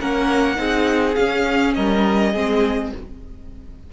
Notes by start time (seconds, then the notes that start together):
0.00 A#3 C#4 A#4 F#5
0.56 C4 D#4 G#4
1.15 C#4 F5
1.74 G3 A#4 D#5
2.32 G#3 C4 G#4